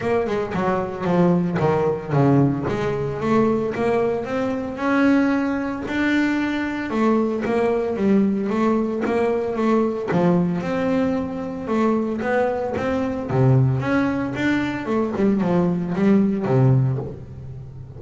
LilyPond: \new Staff \with { instrumentName = "double bass" } { \time 4/4 \tempo 4 = 113 ais8 gis8 fis4 f4 dis4 | cis4 gis4 a4 ais4 | c'4 cis'2 d'4~ | d'4 a4 ais4 g4 |
a4 ais4 a4 f4 | c'2 a4 b4 | c'4 c4 cis'4 d'4 | a8 g8 f4 g4 c4 | }